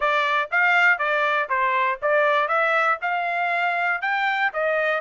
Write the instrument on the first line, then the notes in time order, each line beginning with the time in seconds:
trumpet
0.00 D5
0.51 F5
0.98 D5
1.49 C5
2.02 D5
2.48 E5
3.01 F5
4.01 G5
4.53 D#5